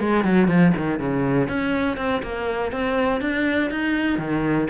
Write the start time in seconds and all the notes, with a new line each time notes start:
0.00 G#3
0.25 F#3
0.48 F3
0.77 D#3
1.00 C#3
1.48 C#4
1.97 C4
2.23 A#3
2.72 C4
3.21 D4
3.71 D#4
4.19 D#3